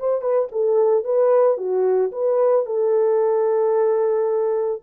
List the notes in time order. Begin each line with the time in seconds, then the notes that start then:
0.00 C5
0.22 B4
0.52 A4
1.05 B4
1.58 F#4
2.12 B4
2.66 A4